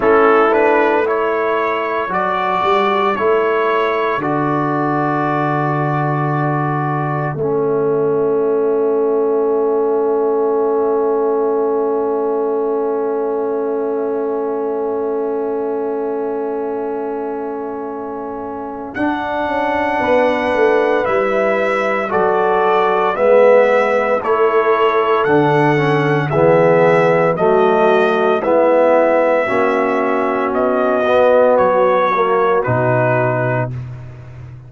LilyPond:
<<
  \new Staff \with { instrumentName = "trumpet" } { \time 4/4 \tempo 4 = 57 a'8 b'8 cis''4 d''4 cis''4 | d''2. e''4~ | e''1~ | e''1~ |
e''2 fis''2 | e''4 d''4 e''4 cis''4 | fis''4 e''4 dis''4 e''4~ | e''4 dis''4 cis''4 b'4 | }
  \new Staff \with { instrumentName = "horn" } { \time 4/4 e'4 a'2.~ | a'1~ | a'1~ | a'1~ |
a'2. b'4~ | b'4 a'4 b'4 a'4~ | a'4 gis'4 fis'4 e'4 | fis'1 | }
  \new Staff \with { instrumentName = "trombone" } { \time 4/4 cis'8 d'8 e'4 fis'4 e'4 | fis'2. cis'4~ | cis'1~ | cis'1~ |
cis'2 d'2 | e'4 fis'4 b4 e'4 | d'8 cis'8 b4 a4 b4 | cis'4. b4 ais8 dis'4 | }
  \new Staff \with { instrumentName = "tuba" } { \time 4/4 a2 fis8 g8 a4 | d2. a4~ | a1~ | a1~ |
a2 d'8 cis'8 b8 a8 | g4 fis4 gis4 a4 | d4 e4 fis4 gis4 | ais4 b4 fis4 b,4 | }
>>